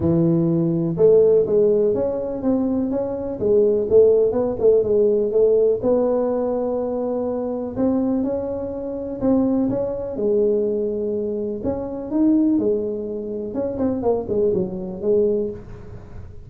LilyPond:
\new Staff \with { instrumentName = "tuba" } { \time 4/4 \tempo 4 = 124 e2 a4 gis4 | cis'4 c'4 cis'4 gis4 | a4 b8 a8 gis4 a4 | b1 |
c'4 cis'2 c'4 | cis'4 gis2. | cis'4 dis'4 gis2 | cis'8 c'8 ais8 gis8 fis4 gis4 | }